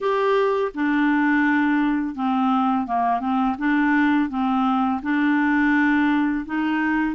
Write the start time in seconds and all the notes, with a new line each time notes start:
0.00 G4
0.74 D4
2.15 C4
2.86 A#3
3.20 C4
3.58 D4
4.29 C4
5.02 D4
6.45 D#4